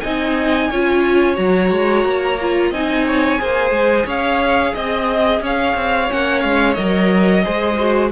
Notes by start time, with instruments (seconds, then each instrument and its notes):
0.00 cello C4, viola D#4, violin D#5 G#5
0.70 cello C#4, viola F4, violin C#5
1.35 cello F#3, viola F#4, violin A#5
1.71 cello G#3
2.04 cello A#3
2.41 viola F4
2.70 cello C4, viola D#4, violin D#5 G#5
3.07 violin C#5
3.38 cello A#3, viola G#4, violin C5
3.70 cello G#3
4.05 cello C#4, violin C#5 F5
4.74 cello C4, violin D#5
5.40 cello C#4, violin C#5 F5
5.75 cello C4
6.09 cello A#3, viola C#4, violin F#5
6.40 cello G#3, violin F5
6.73 cello F#3, viola A#4, violin D#5
7.43 cello G#3, viola G#4, violin C5
7.79 viola F#4